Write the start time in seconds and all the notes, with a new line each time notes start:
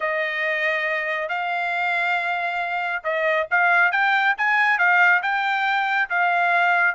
0.00 D#5
1.28 F5
3.03 D#5
3.50 F5
3.91 G5
4.37 G#5
4.78 F5
5.22 G5
6.09 F5